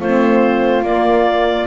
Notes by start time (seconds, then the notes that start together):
0.00 A3 C4 F4 C5
0.83 A#3 D5